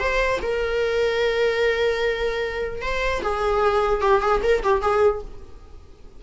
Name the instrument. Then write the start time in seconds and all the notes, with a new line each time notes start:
viola
0.00 C5
0.42 A#4
2.82 C5
3.22 G#4
4.02 G4
4.22 G#4
4.43 A#4
4.63 G4
4.82 G#4